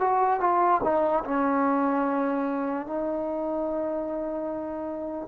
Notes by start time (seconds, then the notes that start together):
0.00 F#4
0.40 F4
0.83 D#4
1.24 C#4
2.86 D#4